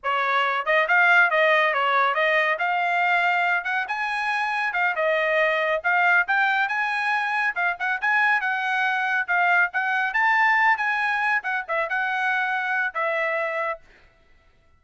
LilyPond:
\new Staff \with { instrumentName = "trumpet" } { \time 4/4 \tempo 4 = 139 cis''4. dis''8 f''4 dis''4 | cis''4 dis''4 f''2~ | f''8 fis''8 gis''2 f''8 dis''8~ | dis''4. f''4 g''4 gis''8~ |
gis''4. f''8 fis''8 gis''4 fis''8~ | fis''4. f''4 fis''4 a''8~ | a''4 gis''4. fis''8 e''8 fis''8~ | fis''2 e''2 | }